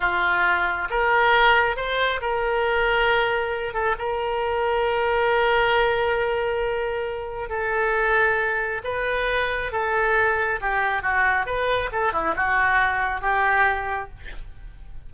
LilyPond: \new Staff \with { instrumentName = "oboe" } { \time 4/4 \tempo 4 = 136 f'2 ais'2 | c''4 ais'2.~ | ais'8 a'8 ais'2.~ | ais'1~ |
ais'4 a'2. | b'2 a'2 | g'4 fis'4 b'4 a'8 e'8 | fis'2 g'2 | }